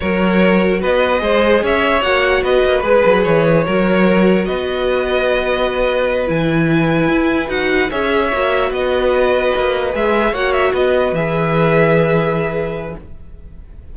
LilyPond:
<<
  \new Staff \with { instrumentName = "violin" } { \time 4/4 \tempo 4 = 148 cis''2 dis''2 | e''4 fis''4 dis''4 b'4 | cis''2. dis''4~ | dis''2.~ dis''8 gis''8~ |
gis''2~ gis''8 fis''4 e''8~ | e''4. dis''2~ dis''8~ | dis''8 e''4 fis''8 e''8 dis''4 e''8~ | e''1 | }
  \new Staff \with { instrumentName = "violin" } { \time 4/4 ais'2 b'4 c''4 | cis''2 b'2~ | b'4 ais'2 b'4~ | b'1~ |
b'2.~ b'8 cis''8~ | cis''4. b'2~ b'8~ | b'4. cis''4 b'4.~ | b'1 | }
  \new Staff \with { instrumentName = "viola" } { \time 4/4 fis'2. gis'4~ | gis'4 fis'2 gis'4~ | gis'4 fis'2.~ | fis'2.~ fis'8 e'8~ |
e'2~ e'8 fis'4 gis'8~ | gis'8 fis'2.~ fis'8~ | fis'8 gis'4 fis'2 gis'8~ | gis'1 | }
  \new Staff \with { instrumentName = "cello" } { \time 4/4 fis2 b4 gis4 | cis'4 ais4 b8 ais8 gis8 fis8 | e4 fis2 b4~ | b2.~ b8 e8~ |
e4. e'4 dis'4 cis'8~ | cis'8 ais4 b2 ais8~ | ais8 gis4 ais4 b4 e8~ | e1 | }
>>